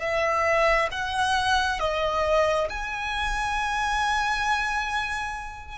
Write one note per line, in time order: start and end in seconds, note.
0.00 0.88 E5
0.91 1.79 F#5
1.79 2.68 D#5
2.69 5.78 G#5